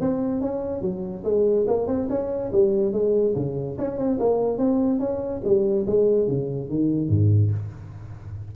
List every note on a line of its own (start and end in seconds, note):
0.00 0.41 C4
0.41 0.81 C#4
0.81 1.23 F#3
1.24 1.66 G#3
1.67 1.87 A#3
1.87 2.08 C4
2.09 2.51 C#4
2.52 2.92 G3
2.92 3.34 G#3
3.35 3.77 C#3
3.78 3.97 C#4
3.97 4.18 C4
4.19 4.58 A#3
4.58 4.99 C4
4.99 5.41 C#4
5.44 5.86 G3
5.86 6.27 G#3
6.27 6.69 C#3
6.69 7.09 D#3
7.09 7.50 G#2